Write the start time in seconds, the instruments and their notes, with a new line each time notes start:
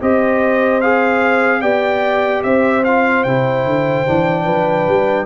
0.00 tuba C4, trombone G4, horn C5, trumpet D#5
0.81 trombone G#4, trumpet F5
1.61 tuba B3, trombone G4, horn D5, trumpet G5
2.43 tuba C4, horn C5, trumpet E5
2.84 trombone F4, trumpet F5
3.23 tuba C3, trombone E4, trumpet G5
3.65 tuba D3
4.06 tuba E3, trombone D4
4.44 tuba F3, horn B4
4.87 tuba G3